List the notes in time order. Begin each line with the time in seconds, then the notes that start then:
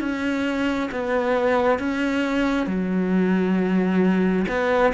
0.00 C#4
0.92 B3
1.79 C#4
2.67 F#3
4.49 B3